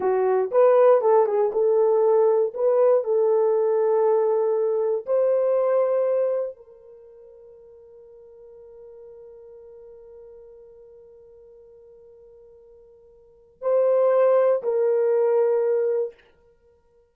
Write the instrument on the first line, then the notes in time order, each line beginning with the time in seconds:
horn
0.00 F#4
0.51 B4
1.01 A4
1.26 G#4
1.52 A4
2.53 B4
3.04 A4
5.06 C5
6.56 A#4
13.61 C5
14.62 A#4